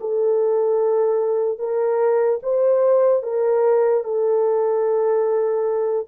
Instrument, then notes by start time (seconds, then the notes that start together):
horn
0.00 A4
1.58 A#4
2.43 C5
3.23 A#4
4.04 A4